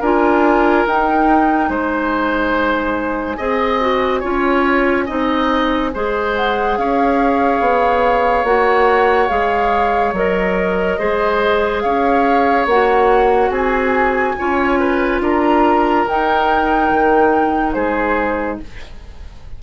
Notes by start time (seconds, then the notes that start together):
0.00 D4 F4 A#4 G#5
0.86 D#4 G5
1.69 G#3 C5 G#5
3.37 C4 G#4 D#5
3.81 F#4
4.20 C#4 F4 C#5
5.06 C4 D#4 D#5
5.94 G#3 G#4 C5
6.36 F#5
6.77 C#4 C#5 F5
7.60 B3
8.44 A#3 F#4 F#5
9.29 G#3 G#4 F5
10.12 F#3 A#4 D#5
10.98 G#3 G#4 C5
11.81 C#4 C#5 F5
12.66 A#3 F#4 F#5
13.50 C4 G#4 G#5
14.38 C#4 F4 C#5
14.79 B4
15.20 D4 A#4 A#5
16.08 D#4 G5
16.91 D#3
17.73 G#3 G#4 C5